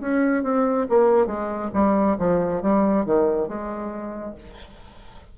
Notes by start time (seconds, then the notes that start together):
0.00 C#4
0.43 C4
0.89 A#3
1.26 G#3
1.73 G3
2.18 F3
2.62 G3
3.05 D#3
3.48 G#3